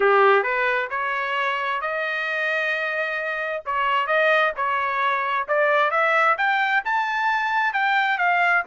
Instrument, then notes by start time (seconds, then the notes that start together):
trumpet
0.00 G4
0.43 B4
0.90 C#5
1.81 D#5
3.65 C#5
4.07 D#5
4.56 C#5
5.48 D5
5.90 E5
6.37 G5
6.84 A5
7.73 G5
8.17 F5